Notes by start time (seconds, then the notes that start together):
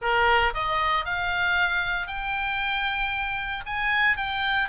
0.01 A#4
0.54 D#5
1.05 F5
2.07 G5
3.66 G#5
4.16 G5